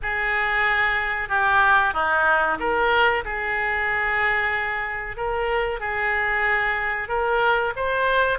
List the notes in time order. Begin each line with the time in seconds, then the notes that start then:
0.02 G#4
1.28 G4
1.93 D#4
2.59 A#4
3.24 G#4
5.16 A#4
5.79 G#4
7.08 A#4
7.76 C5